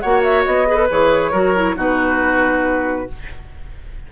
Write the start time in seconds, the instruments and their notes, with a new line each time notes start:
0.00 bassoon A#3, clarinet F#4, oboe C#5, flute F#5
0.23 flute E5
0.45 bassoon B3, flute D#5
0.66 clarinet G#4, oboe B4
0.75 clarinet A4
0.90 bassoon E3, clarinet G#4, flute C#5
1.31 bassoon F#3, clarinet F#4, oboe A#4
1.55 clarinet E4
1.76 bassoon B2, clarinet D#4, oboe F#4, flute B4